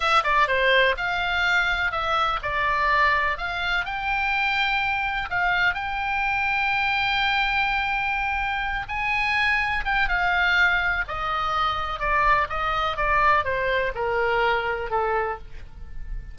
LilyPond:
\new Staff \with { instrumentName = "oboe" } { \time 4/4 \tempo 4 = 125 e''8 d''8 c''4 f''2 | e''4 d''2 f''4 | g''2. f''4 | g''1~ |
g''2~ g''8 gis''4.~ | gis''8 g''8 f''2 dis''4~ | dis''4 d''4 dis''4 d''4 | c''4 ais'2 a'4 | }